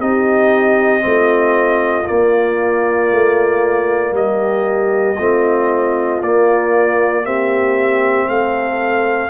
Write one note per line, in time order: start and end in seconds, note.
0.00 1.04 C4
0.00 1.00 D#4
0.00 1.03 G4
0.00 2.07 D#5
1.00 2.08 A3
1.00 2.04 C4
1.07 4.17 F4
2.06 5.17 A#3
2.06 3.12 A#3
2.06 4.14 D5
3.12 4.12 A3
4.12 5.16 G3
4.12 5.19 G4
4.12 6.23 D#5
5.19 6.21 A3
5.19 6.22 C4
5.19 7.26 F4
6.21 8.28 A#3
6.21 7.23 A#3
6.21 7.26 D5
7.23 9.30 C4
7.23 8.29 G4
7.23 8.29 E5
8.28 9.30 A3
8.28 9.30 A4
8.28 9.30 F5